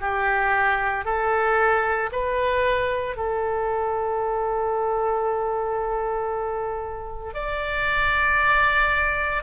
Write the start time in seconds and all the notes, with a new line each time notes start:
0.00 G4
1.05 A4
2.12 B4
3.16 A4
7.34 D5